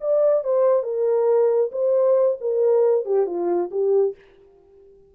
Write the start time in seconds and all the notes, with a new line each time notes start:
0.00 D5
0.43 C5
0.82 A#4
1.72 C5
2.40 A#4
3.05 G4
3.26 F4
3.71 G4